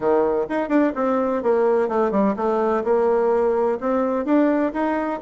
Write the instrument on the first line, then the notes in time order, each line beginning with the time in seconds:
bassoon
0.00 D#3
0.49 D#4
0.69 D4
0.95 C4
1.42 A#3
1.88 A3
2.11 G3
2.36 A3
2.84 A#3
3.80 C4
4.25 D4
4.73 D#4